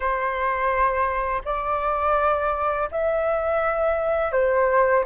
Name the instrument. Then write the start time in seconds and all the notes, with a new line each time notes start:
flute
0.00 C5
1.44 D5
2.91 E5
4.32 C5